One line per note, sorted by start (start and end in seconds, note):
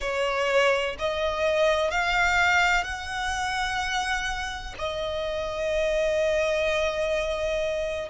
0.00 0.96 C#5
0.98 1.90 D#5
1.90 2.84 F5
2.84 4.74 F#5
4.78 8.09 D#5